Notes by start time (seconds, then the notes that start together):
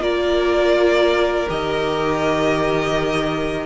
0.00 A#3 F4 A#4 D5
1.49 D#3 G4 D#5